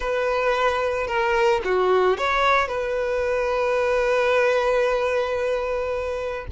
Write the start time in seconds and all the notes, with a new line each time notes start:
0.00 B4
1.07 A#4
1.64 F#4
2.17 C#5
2.68 B4